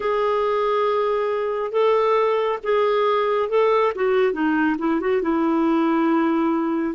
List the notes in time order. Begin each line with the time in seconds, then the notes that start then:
0.00 G#4
1.72 A4
2.63 G#4
3.49 A4
3.95 F#4
4.32 D#4
4.78 E4
5.00 F#4
5.22 E4